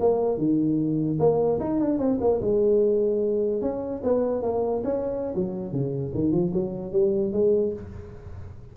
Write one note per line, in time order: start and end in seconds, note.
0.00 0.38 A#3
0.38 1.18 D#3
1.19 1.59 A#3
1.60 1.80 D#4
1.80 1.99 D4
1.99 2.19 C4
2.21 2.41 A#3
2.41 3.62 G#3
3.62 4.02 C#4
4.03 4.42 B3
4.42 4.82 A#3
4.84 5.34 C#4
5.35 5.72 F#3
5.72 6.12 C#3
6.14 6.32 D#3
6.32 6.52 F3
6.54 6.92 F#3
6.92 7.33 G3
7.33 7.73 G#3